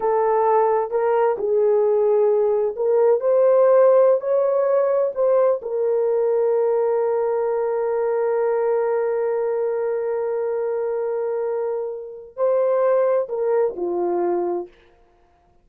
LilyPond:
\new Staff \with { instrumentName = "horn" } { \time 4/4 \tempo 4 = 131 a'2 ais'4 gis'4~ | gis'2 ais'4 c''4~ | c''4~ c''16 cis''2 c''8.~ | c''16 ais'2.~ ais'8.~ |
ais'1~ | ais'1~ | ais'2. c''4~ | c''4 ais'4 f'2 | }